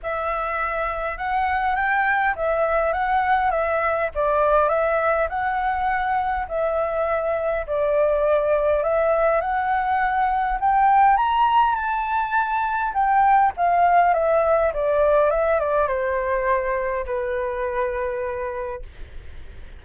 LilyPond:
\new Staff \with { instrumentName = "flute" } { \time 4/4 \tempo 4 = 102 e''2 fis''4 g''4 | e''4 fis''4 e''4 d''4 | e''4 fis''2 e''4~ | e''4 d''2 e''4 |
fis''2 g''4 ais''4 | a''2 g''4 f''4 | e''4 d''4 e''8 d''8 c''4~ | c''4 b'2. | }